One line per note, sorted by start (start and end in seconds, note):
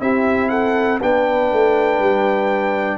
0.00 1.00 C4
0.00 1.00 E4
0.00 0.50 G4
0.00 0.49 E5
0.49 1.00 A4
0.49 0.99 F#5
1.02 1.52 B3
1.02 2.98 D4
1.02 2.98 B4
1.02 2.98 G5
1.52 1.99 A3
1.99 2.98 G3